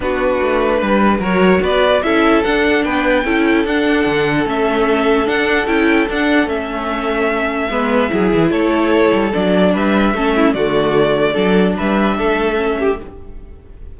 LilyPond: <<
  \new Staff \with { instrumentName = "violin" } { \time 4/4 \tempo 4 = 148 b'2. cis''4 | d''4 e''4 fis''4 g''4~ | g''4 fis''2 e''4~ | e''4 fis''4 g''4 fis''4 |
e''1~ | e''4 cis''2 d''4 | e''2 d''2~ | d''4 e''2. | }
  \new Staff \with { instrumentName = "violin" } { \time 4/4 fis'2 b'4 ais'4 | b'4 a'2 b'4 | a'1~ | a'1~ |
a'2. b'4 | gis'4 a'2. | b'4 a'8 e'8 fis'2 | a'4 b'4 a'4. g'8 | }
  \new Staff \with { instrumentName = "viola" } { \time 4/4 d'2. fis'4~ | fis'4 e'4 d'2 | e'4 d'2 cis'4~ | cis'4 d'4 e'4 d'4 |
cis'2. b4 | e'2. d'4~ | d'4 cis'4 a2 | d'2. cis'4 | }
  \new Staff \with { instrumentName = "cello" } { \time 4/4 b4 a4 g4 fis4 | b4 cis'4 d'4 b4 | cis'4 d'4 d4 a4~ | a4 d'4 cis'4 d'4 |
a2. gis4 | fis8 e8 a4. g8 fis4 | g4 a4 d2 | fis4 g4 a2 | }
>>